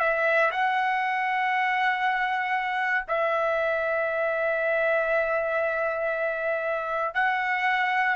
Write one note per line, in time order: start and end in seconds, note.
0.00 0.51 E5
0.52 3.06 F#5
3.08 7.15 E5
7.15 8.16 F#5